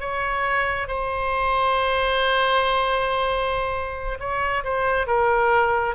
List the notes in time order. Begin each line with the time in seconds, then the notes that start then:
0.00 C#5
0.88 C5
4.20 C#5
4.64 C5
5.07 A#4